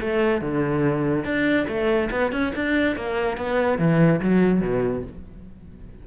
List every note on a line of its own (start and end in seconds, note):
0.00 0.41 A3
0.41 1.24 D3
1.24 1.66 D4
1.68 2.10 A3
2.11 2.32 B3
2.32 2.53 C#4
2.55 2.96 D4
2.96 3.37 A#3
3.37 3.78 B3
3.78 4.20 E3
4.21 4.61 F#3
4.61 5.03 B2